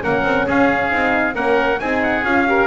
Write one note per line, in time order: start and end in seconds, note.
0.00 0.23 A#3
0.00 0.89 C#4
0.00 0.46 A#4
0.00 0.48 F#5
0.23 0.46 C4
0.46 0.92 C#4
0.46 1.35 G#4
0.46 1.35 F5
0.90 1.35 C4
0.90 1.33 D#4
1.33 1.80 A#3
1.33 1.77 C#4
1.33 1.79 A#4
1.33 1.80 F#5
1.80 2.24 C4
1.80 2.25 D#4
1.80 2.48 G#4
1.80 2.02 G#5
2.03 2.25 F#5
2.24 2.67 C#4
2.24 2.48 F4
2.24 2.67 F5
2.48 2.67 G4
2.48 2.67 A#4